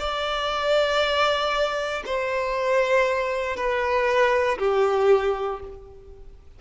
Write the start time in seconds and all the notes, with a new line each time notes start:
0.00 D5
2.06 C5
3.57 B4
4.59 G4